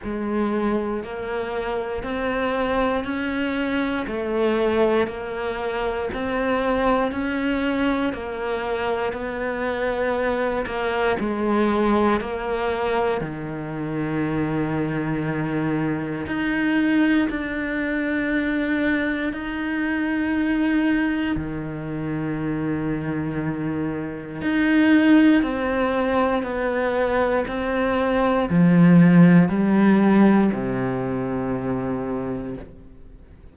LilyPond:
\new Staff \with { instrumentName = "cello" } { \time 4/4 \tempo 4 = 59 gis4 ais4 c'4 cis'4 | a4 ais4 c'4 cis'4 | ais4 b4. ais8 gis4 | ais4 dis2. |
dis'4 d'2 dis'4~ | dis'4 dis2. | dis'4 c'4 b4 c'4 | f4 g4 c2 | }